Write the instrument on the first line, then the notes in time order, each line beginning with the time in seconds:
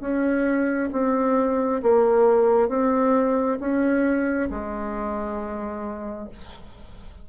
bassoon
0.00 C#4
0.92 C4
1.82 A#3
2.68 C4
3.60 C#4
4.49 G#3